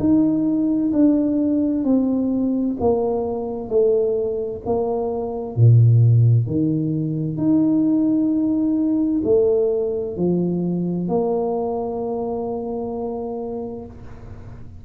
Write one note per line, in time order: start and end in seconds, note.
0.00 0.92 D#4
0.93 1.85 D4
1.85 2.77 C4
2.80 3.69 A#3
3.69 4.62 A3
4.66 5.56 A#3
5.56 6.47 A#2
6.47 7.38 D#3
7.38 9.22 D#4
9.24 10.17 A3
10.17 11.09 F3
11.09 13.85 A#3